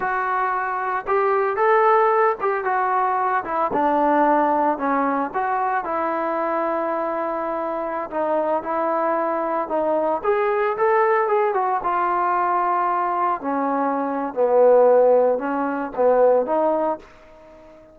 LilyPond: \new Staff \with { instrumentName = "trombone" } { \time 4/4 \tempo 4 = 113 fis'2 g'4 a'4~ | a'8 g'8 fis'4. e'8 d'4~ | d'4 cis'4 fis'4 e'4~ | e'2.~ e'16 dis'8.~ |
dis'16 e'2 dis'4 gis'8.~ | gis'16 a'4 gis'8 fis'8 f'4.~ f'16~ | f'4~ f'16 cis'4.~ cis'16 b4~ | b4 cis'4 b4 dis'4 | }